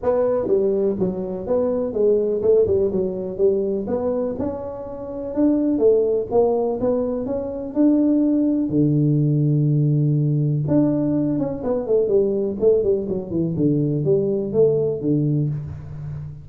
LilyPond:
\new Staff \with { instrumentName = "tuba" } { \time 4/4 \tempo 4 = 124 b4 g4 fis4 b4 | gis4 a8 g8 fis4 g4 | b4 cis'2 d'4 | a4 ais4 b4 cis'4 |
d'2 d2~ | d2 d'4. cis'8 | b8 a8 g4 a8 g8 fis8 e8 | d4 g4 a4 d4 | }